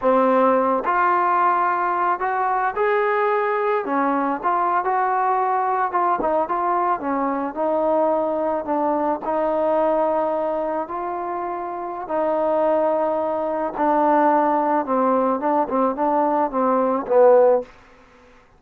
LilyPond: \new Staff \with { instrumentName = "trombone" } { \time 4/4 \tempo 4 = 109 c'4. f'2~ f'8 | fis'4 gis'2 cis'4 | f'8. fis'2 f'8 dis'8 f'16~ | f'8. cis'4 dis'2 d'16~ |
d'8. dis'2. f'16~ | f'2 dis'2~ | dis'4 d'2 c'4 | d'8 c'8 d'4 c'4 b4 | }